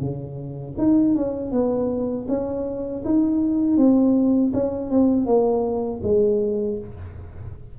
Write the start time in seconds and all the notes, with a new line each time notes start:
0.00 C#3
0.77 D#4
1.15 C#4
1.51 B3
2.28 C#4
3.04 D#4
3.77 C4
4.53 C#4
4.90 C4
5.25 A#3
6.03 G#3